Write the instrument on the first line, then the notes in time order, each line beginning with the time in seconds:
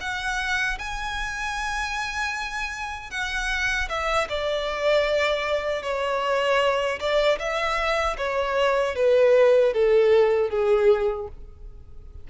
violin
0.00 F#5
0.79 G#5
3.11 F#5
3.89 E5
4.29 D5
5.82 C#5
7.00 D5
7.39 E5
8.17 C#5
8.95 B4
9.73 A4
10.50 G#4